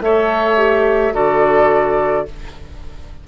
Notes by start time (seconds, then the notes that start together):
0.00 A3 A4 C#5 E5
0.57 G4
1.12 D3 F#4 A4 D5